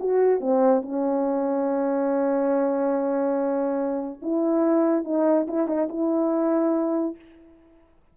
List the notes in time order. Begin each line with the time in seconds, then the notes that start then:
0.00 F#4
0.41 C4
0.82 C#4
4.22 E4
5.05 D#4
5.48 E4
5.68 D#4
5.89 E4